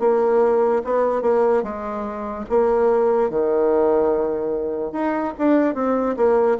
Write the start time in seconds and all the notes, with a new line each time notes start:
0.00 A#3
0.84 B3
1.22 A#3
1.63 G#3
2.50 A#3
3.30 D#3
4.92 D#4
5.38 D4
5.75 C4
6.16 A#3